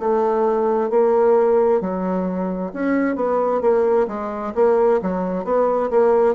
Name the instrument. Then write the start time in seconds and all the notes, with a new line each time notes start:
bassoon
0.00 A3
0.90 A#3
1.81 F#3
2.74 C#4
3.16 B3
3.62 A#3
4.08 G#3
4.55 A#3
5.02 F#3
5.45 B3
5.91 A#3